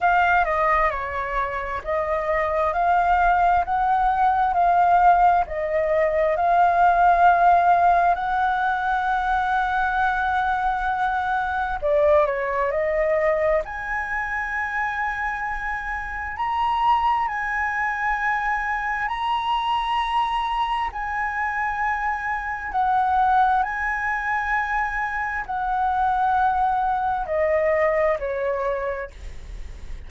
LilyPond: \new Staff \with { instrumentName = "flute" } { \time 4/4 \tempo 4 = 66 f''8 dis''8 cis''4 dis''4 f''4 | fis''4 f''4 dis''4 f''4~ | f''4 fis''2.~ | fis''4 d''8 cis''8 dis''4 gis''4~ |
gis''2 ais''4 gis''4~ | gis''4 ais''2 gis''4~ | gis''4 fis''4 gis''2 | fis''2 dis''4 cis''4 | }